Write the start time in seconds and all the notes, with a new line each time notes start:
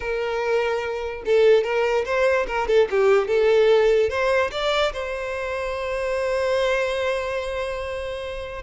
0.00 A#4
1.25 A4
1.63 A#4
2.05 C5
2.47 A#4
2.67 A4
2.90 G4
3.27 A4
4.09 C5
4.51 D5
4.92 C5